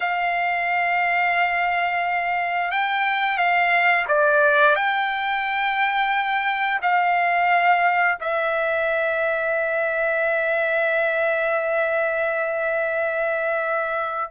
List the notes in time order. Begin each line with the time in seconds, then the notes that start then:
0.00 F5
2.71 G5
3.37 F5
4.08 D5
4.75 G5
6.82 F5
8.20 E5